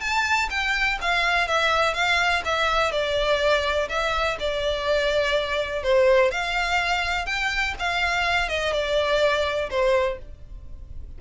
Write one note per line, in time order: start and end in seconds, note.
0.00 0.48 A5
0.50 0.98 G5
1.01 1.47 F5
1.47 1.94 E5
1.94 2.42 F5
2.45 2.91 E5
2.91 3.88 D5
3.88 4.37 E5
4.39 5.83 D5
5.83 6.31 C5
6.31 7.26 F5
7.26 7.74 G5
7.79 8.49 F5
8.49 8.73 D#5
8.73 9.69 D5
9.70 10.18 C5